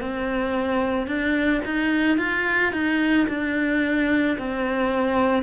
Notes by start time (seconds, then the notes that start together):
0.00 C4
1.07 D4
1.65 D#4
2.18 F4
2.72 D#4
3.28 D4
4.38 C4